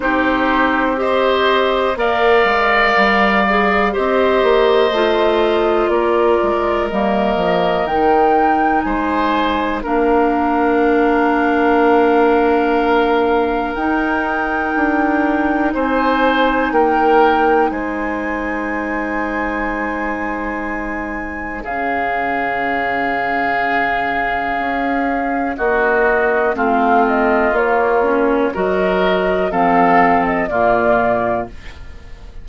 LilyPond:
<<
  \new Staff \with { instrumentName = "flute" } { \time 4/4 \tempo 4 = 61 c''4 dis''4 f''2 | dis''2 d''4 dis''4 | g''4 gis''4 f''2~ | f''2 g''2 |
gis''4 g''4 gis''2~ | gis''2 f''2~ | f''2 dis''4 f''8 dis''8 | cis''4 dis''4 f''8. dis''16 d''4 | }
  \new Staff \with { instrumentName = "oboe" } { \time 4/4 g'4 c''4 d''2 | c''2 ais'2~ | ais'4 c''4 ais'2~ | ais'1 |
c''4 ais'4 c''2~ | c''2 gis'2~ | gis'2 fis'4 f'4~ | f'4 ais'4 a'4 f'4 | }
  \new Staff \with { instrumentName = "clarinet" } { \time 4/4 dis'4 g'4 ais'4. gis'8 | g'4 f'2 ais4 | dis'2 d'2~ | d'2 dis'2~ |
dis'1~ | dis'2 cis'2~ | cis'2. c'4 | ais8 cis'8 fis'4 c'4 ais4 | }
  \new Staff \with { instrumentName = "bassoon" } { \time 4/4 c'2 ais8 gis8 g4 | c'8 ais8 a4 ais8 gis8 g8 f8 | dis4 gis4 ais2~ | ais2 dis'4 d'4 |
c'4 ais4 gis2~ | gis2 cis2~ | cis4 cis'4 ais4 a4 | ais4 fis4 f4 ais,4 | }
>>